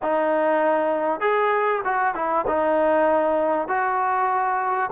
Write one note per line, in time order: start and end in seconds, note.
0.02 1.20 D#4
1.20 1.81 G#4
1.84 2.14 F#4
2.14 2.45 E4
2.47 3.68 D#4
3.68 4.90 F#4